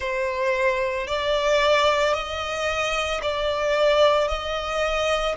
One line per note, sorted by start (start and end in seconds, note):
0.00 1.07 C5
1.07 2.13 D5
2.13 3.20 D#5
3.21 4.28 D5
4.28 5.35 D#5